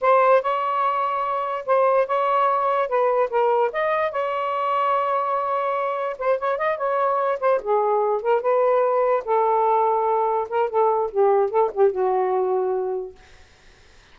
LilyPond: \new Staff \with { instrumentName = "saxophone" } { \time 4/4 \tempo 4 = 146 c''4 cis''2. | c''4 cis''2 b'4 | ais'4 dis''4 cis''2~ | cis''2. c''8 cis''8 |
dis''8 cis''4. c''8 gis'4. | ais'8 b'2 a'4.~ | a'4. ais'8 a'4 g'4 | a'8 g'8 fis'2. | }